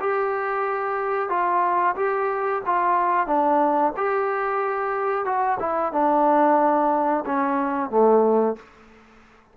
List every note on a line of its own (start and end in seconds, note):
0.00 1.29 G4
1.29 1.95 F4
1.96 2.62 G4
2.66 3.27 F4
3.27 3.93 D4
3.97 5.25 G4
5.25 5.58 F#4
5.60 5.93 E4
5.93 7.24 D4
7.26 7.90 C#4
7.90 8.56 A3